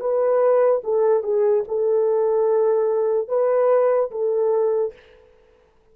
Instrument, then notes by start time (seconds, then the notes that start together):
horn
0.00 B4
0.84 A4
1.23 G#4
1.68 A4
3.29 B4
4.11 A4